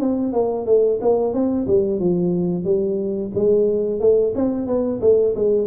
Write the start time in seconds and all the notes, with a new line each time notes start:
0.00 C4
0.33 A#3
0.66 A3
1.02 A#3
1.34 C4
1.68 G3
2.00 F3
2.65 G3
3.35 G#3
4.00 A3
4.35 C4
4.67 B3
5.01 A3
5.35 G#3